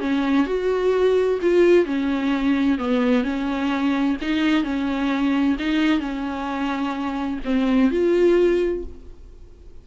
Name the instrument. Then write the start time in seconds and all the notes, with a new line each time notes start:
viola
0.00 C#4
0.46 F#4
1.42 F4
1.85 C#4
2.78 B3
3.23 C#4
4.21 D#4
4.63 C#4
5.59 D#4
6.00 C#4
7.44 C4
7.90 F4